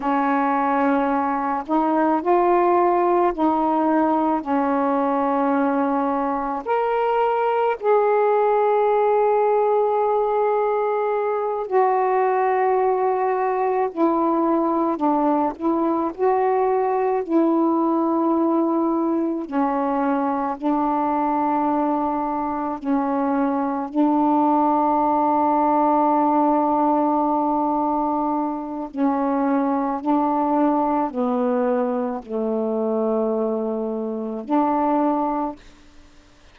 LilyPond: \new Staff \with { instrumentName = "saxophone" } { \time 4/4 \tempo 4 = 54 cis'4. dis'8 f'4 dis'4 | cis'2 ais'4 gis'4~ | gis'2~ gis'8 fis'4.~ | fis'8 e'4 d'8 e'8 fis'4 e'8~ |
e'4. cis'4 d'4.~ | d'8 cis'4 d'2~ d'8~ | d'2 cis'4 d'4 | b4 a2 d'4 | }